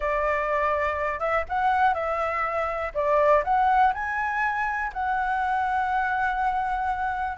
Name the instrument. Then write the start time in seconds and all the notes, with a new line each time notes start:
flute
0.00 D5
1.19 E5
1.48 F#5
1.94 E5
2.94 D5
3.43 F#5
3.93 G#5
4.93 F#5